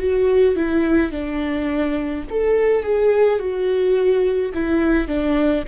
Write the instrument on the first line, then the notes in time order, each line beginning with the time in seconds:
viola
0.00 F#4
0.56 E4
1.11 D4
2.31 A4
2.83 G#4
3.40 F#4
4.54 E4
5.08 D4